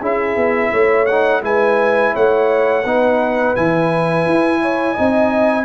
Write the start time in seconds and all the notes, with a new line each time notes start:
0.00 C#4 E4 G#4 E5
0.36 B3
0.71 A3 C#5
1.06 D#4 F#5
1.42 G#3 E4 B4 G#5
2.13 A3 C#5 F#5
2.83 B3 D#4 B4
3.55 E3 E4 G#5
4.25 E4
4.61 C#5
4.93 C4 D#4 D#5